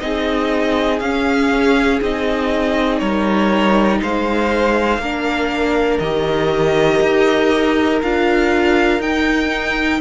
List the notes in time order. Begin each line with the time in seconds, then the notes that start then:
0.00 C4 D#4 G#4 D#5
1.00 C#4 F5
2.02 C4 D#4 D#5
2.99 G3 A#4 C#5
4.02 G#3 C5 F5
4.99 A#3 D4 A#4
6.00 D#3 G4 D#5
7.02 D#4
8.03 D4 F4 F5
9.00 D#4 G5